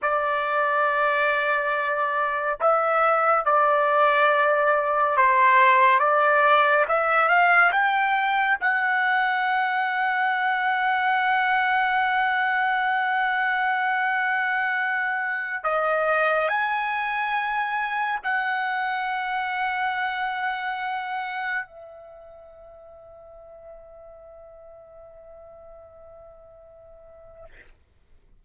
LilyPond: \new Staff \with { instrumentName = "trumpet" } { \time 4/4 \tempo 4 = 70 d''2. e''4 | d''2 c''4 d''4 | e''8 f''8 g''4 fis''2~ | fis''1~ |
fis''2~ fis''16 dis''4 gis''8.~ | gis''4~ gis''16 fis''2~ fis''8.~ | fis''4~ fis''16 e''2~ e''8.~ | e''1 | }